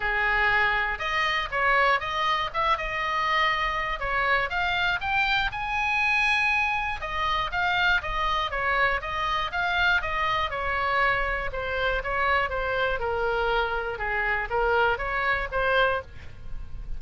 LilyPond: \new Staff \with { instrumentName = "oboe" } { \time 4/4 \tempo 4 = 120 gis'2 dis''4 cis''4 | dis''4 e''8 dis''2~ dis''8 | cis''4 f''4 g''4 gis''4~ | gis''2 dis''4 f''4 |
dis''4 cis''4 dis''4 f''4 | dis''4 cis''2 c''4 | cis''4 c''4 ais'2 | gis'4 ais'4 cis''4 c''4 | }